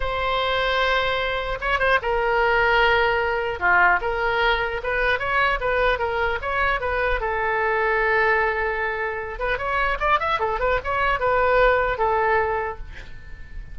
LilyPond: \new Staff \with { instrumentName = "oboe" } { \time 4/4 \tempo 4 = 150 c''1 | cis''8 c''8 ais'2.~ | ais'4 f'4 ais'2 | b'4 cis''4 b'4 ais'4 |
cis''4 b'4 a'2~ | a'2.~ a'8 b'8 | cis''4 d''8 e''8 a'8 b'8 cis''4 | b'2 a'2 | }